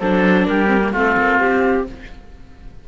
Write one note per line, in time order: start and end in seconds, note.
0.00 0.48 F#3
0.00 0.67 D4
0.00 0.48 A4
0.00 0.47 C5
0.47 0.94 G3
0.47 0.92 G4
0.47 0.94 A#4
0.67 0.79 C4
0.82 0.94 A#3
0.92 1.17 A3
0.92 1.88 C4
0.92 1.86 F4
0.92 1.40 A4
1.18 1.40 A#3
1.40 1.87 C4
1.40 1.87 G4